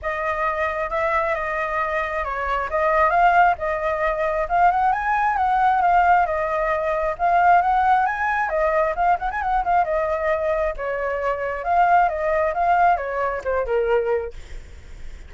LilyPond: \new Staff \with { instrumentName = "flute" } { \time 4/4 \tempo 4 = 134 dis''2 e''4 dis''4~ | dis''4 cis''4 dis''4 f''4 | dis''2 f''8 fis''8 gis''4 | fis''4 f''4 dis''2 |
f''4 fis''4 gis''4 dis''4 | f''8 fis''16 gis''16 fis''8 f''8 dis''2 | cis''2 f''4 dis''4 | f''4 cis''4 c''8 ais'4. | }